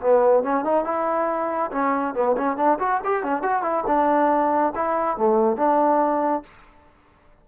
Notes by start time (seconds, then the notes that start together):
0.00 B3
0.43 C#4
0.64 D#4
0.84 E4
1.71 C#4
2.14 B3
2.37 C#4
2.56 D4
2.79 F#4
3.04 G4
3.23 C#4
3.42 F#4
3.62 E4
3.86 D4
4.75 E4
5.17 A3
5.56 D4